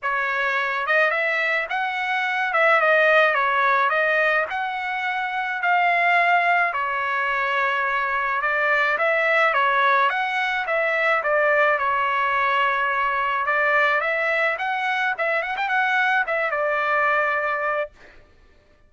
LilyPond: \new Staff \with { instrumentName = "trumpet" } { \time 4/4 \tempo 4 = 107 cis''4. dis''8 e''4 fis''4~ | fis''8 e''8 dis''4 cis''4 dis''4 | fis''2 f''2 | cis''2. d''4 |
e''4 cis''4 fis''4 e''4 | d''4 cis''2. | d''4 e''4 fis''4 e''8 fis''16 g''16 | fis''4 e''8 d''2~ d''8 | }